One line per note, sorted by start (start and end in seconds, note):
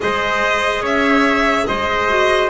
0.00 0.81 G#3
0.00 2.08 G#4
0.00 0.81 C5
0.00 0.84 D#5
0.81 1.65 C#4
0.81 1.65 C#5
0.81 1.66 E5
1.66 2.50 G#3
1.66 2.50 C5
1.66 2.49 D#5
2.08 2.49 F#4